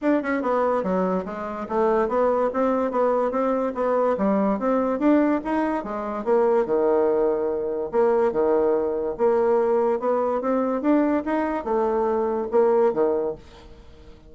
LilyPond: \new Staff \with { instrumentName = "bassoon" } { \time 4/4 \tempo 4 = 144 d'8 cis'8 b4 fis4 gis4 | a4 b4 c'4 b4 | c'4 b4 g4 c'4 | d'4 dis'4 gis4 ais4 |
dis2. ais4 | dis2 ais2 | b4 c'4 d'4 dis'4 | a2 ais4 dis4 | }